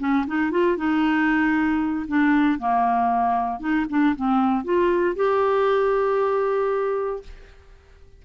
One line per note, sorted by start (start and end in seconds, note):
0.00 0.26 C#4
0.27 0.51 D#4
0.51 0.77 F4
0.77 2.07 D#4
2.08 2.59 D4
2.59 3.60 A#3
3.60 3.86 D#4
3.90 4.16 D4
4.16 4.64 C4
4.64 5.16 F4
5.16 7.23 G4